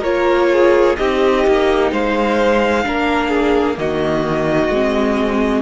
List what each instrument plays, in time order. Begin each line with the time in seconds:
0.00 cello A#3, viola F4, violin A#4 C#5
0.52 violin G#4
0.96 cello C4, viola D#4, violin G4 D#5
1.47 cello A#3
1.92 cello G#3, violin C5 F5
2.84 cello A#3, viola D4, violin A#4
3.29 violin G#4
3.75 cello D#3, viola A#3, violin F#4 D#5
4.69 cello G#3, viola C4